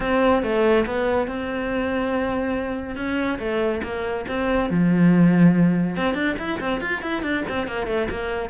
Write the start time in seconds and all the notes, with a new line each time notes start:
0.00 C4
0.42 A3
0.86 B3
1.27 C4
2.96 C#4
3.38 A3
3.83 A#3
4.28 C4
4.69 F3
5.96 C4
6.14 D4
6.38 E4
6.60 C4
6.81 F4
7.01 E4
7.22 D4
7.48 C4
7.67 A#3
7.86 A3
8.10 A#3